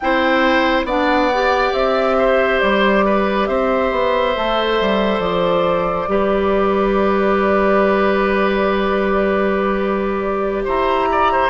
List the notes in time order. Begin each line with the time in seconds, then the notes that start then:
0.00 C4 E4 C5 G5
0.84 B3 D4 D5 F#5
1.33 G4
1.72 C4 E5
2.18 C5
2.59 G3 D5
3.05 B4
3.46 C4 C5 E5
3.91 B3
4.35 A3 A4
4.80 G3
5.19 F3 D5
6.07 G3 G4 B4
10.64 E4 C5 A#5
11.11 D5
11.32 C5